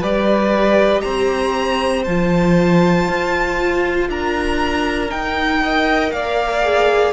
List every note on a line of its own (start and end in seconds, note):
0.00 1.03 G3
0.00 2.06 G4
0.00 1.02 B4
0.00 1.01 D5
1.01 2.07 C4
1.01 4.09 C5
1.01 2.03 A#5
2.04 3.08 F3
2.04 5.09 F4
2.04 4.08 A5
3.08 4.09 F4
4.09 5.10 D4
4.09 5.62 A#4
4.09 5.10 A#5
5.09 5.60 D#4
5.09 6.11 D#4
5.09 6.11 G5
5.62 6.63 A#4
5.62 6.13 D#5
6.11 7.13 A#3
6.11 7.13 D5
6.11 7.13 F5
6.63 7.13 G#4